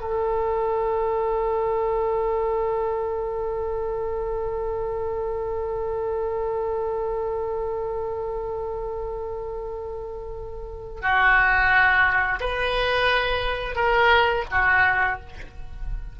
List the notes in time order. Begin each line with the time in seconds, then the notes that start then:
0.00 A4
11.02 F#4
12.40 B4
13.75 A#4
14.51 F#4